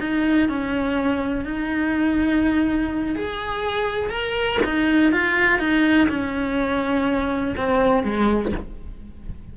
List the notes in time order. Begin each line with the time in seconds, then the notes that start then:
0.00 D#4
0.49 C#4
1.45 D#4
3.16 G#4
4.10 A#4
4.64 D#4
5.12 F4
5.59 D#4
6.09 C#4
7.57 C4
8.04 G#3